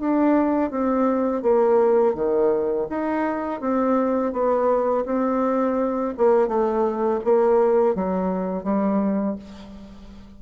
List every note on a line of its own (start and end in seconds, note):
0.00 0.71 D4
0.71 1.42 C4
1.42 2.15 A#3
2.15 2.87 D#3
2.89 3.61 D#4
3.61 4.33 C4
4.33 5.05 B3
5.05 6.14 C4
6.17 6.48 A#3
6.48 7.20 A3
7.24 7.95 A#3
7.95 8.64 F#3
8.64 9.36 G3